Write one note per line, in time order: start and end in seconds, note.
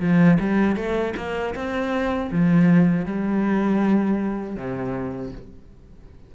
0.00 0.38 F3
0.40 0.76 G3
0.76 1.14 A3
1.17 1.55 A#3
1.55 2.31 C4
2.32 3.06 F3
3.06 4.56 G3
4.56 5.32 C3